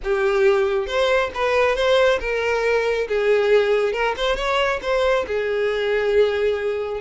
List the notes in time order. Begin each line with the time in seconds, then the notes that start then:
0.03 G4
0.86 C5
1.34 B4
1.75 C5
2.20 A#4
3.08 G#4
3.93 A#4
4.16 C5
4.36 C#5
4.82 C5
5.27 G#4